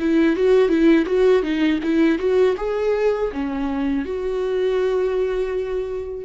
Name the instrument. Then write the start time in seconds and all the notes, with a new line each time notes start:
viola
0.00 E4
0.36 F#4
0.69 E4
1.06 F#4
1.42 D#4
1.83 E4
2.19 F#4
2.57 G#4
3.32 C#4
4.05 F#4